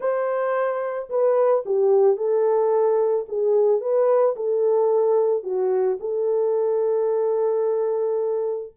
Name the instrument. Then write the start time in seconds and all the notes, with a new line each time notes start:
horn
0.00 C5
1.09 B4
1.65 G4
2.16 A4
3.28 G#4
3.80 B4
4.35 A4
5.43 F#4
6.00 A4